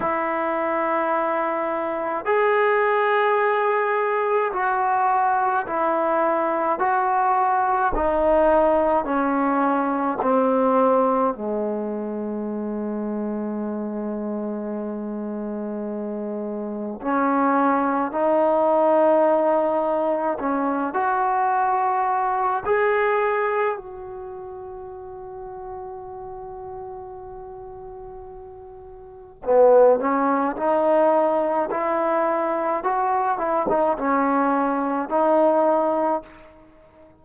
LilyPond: \new Staff \with { instrumentName = "trombone" } { \time 4/4 \tempo 4 = 53 e'2 gis'2 | fis'4 e'4 fis'4 dis'4 | cis'4 c'4 gis2~ | gis2. cis'4 |
dis'2 cis'8 fis'4. | gis'4 fis'2.~ | fis'2 b8 cis'8 dis'4 | e'4 fis'8 e'16 dis'16 cis'4 dis'4 | }